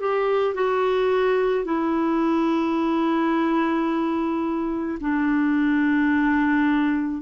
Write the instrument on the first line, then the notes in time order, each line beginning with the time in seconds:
clarinet
0.00 G4
0.55 F#4
1.65 E4
5.01 D4